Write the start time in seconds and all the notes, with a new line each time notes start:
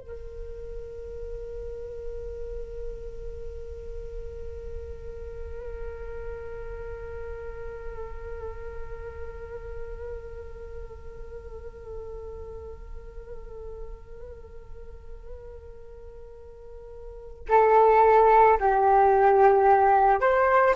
0.00 A#4
17.49 A4
18.60 G4
20.21 C5